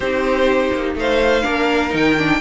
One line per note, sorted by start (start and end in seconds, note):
0.00 0.70 C4
0.00 1.43 D#4
0.00 0.97 G4
0.00 0.94 C5
0.72 0.95 A#3
0.95 1.43 A3
0.95 1.43 C5
0.95 1.95 F5
1.43 1.93 A#3
1.43 1.89 D4
1.43 2.40 A#4
1.89 2.40 D#3
1.89 2.14 D#4
1.89 2.40 G5
2.18 2.40 D4